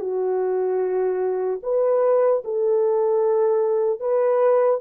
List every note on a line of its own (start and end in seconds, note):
0.00 1.60 F#4
1.63 2.43 B4
2.44 4.00 A4
4.00 4.80 B4